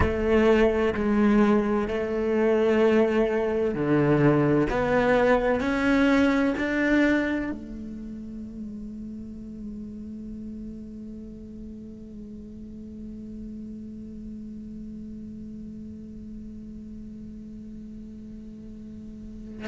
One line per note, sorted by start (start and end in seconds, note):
0.00 0.94 A3
0.94 1.87 G#3
1.87 3.74 A3
3.74 4.68 D3
4.69 5.60 B3
5.60 6.54 C#4
6.57 7.51 D4
7.51 19.67 A3